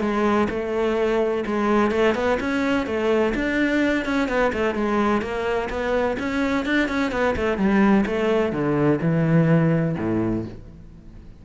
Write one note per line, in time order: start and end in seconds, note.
0.00 0.47 G#3
0.50 1.44 A3
1.46 1.91 G#3
1.91 2.14 A3
2.15 2.38 B3
2.40 2.86 C#4
2.86 3.33 A3
3.34 4.05 D4
4.05 4.28 C#4
4.28 4.52 B3
4.52 4.75 A3
4.75 5.21 G#3
5.21 5.68 A#3
5.69 6.17 B3
6.19 6.65 C#4
6.65 6.88 D4
6.88 7.11 C#4
7.11 7.35 B3
7.36 7.57 A3
7.57 8.04 G3
8.06 8.52 A3
8.52 8.99 D3
9.01 9.95 E3
9.97 10.45 A2